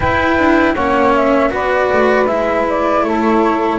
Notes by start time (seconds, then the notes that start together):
0.00 E4 B4 G5
0.37 D4
0.74 A#3 C#4 C#5 F#5
1.14 E5
1.50 B3 F#4 B4 D5
1.92 A3
2.26 G#3 E4 E5
2.69 D5
3.02 A3 A4 C#5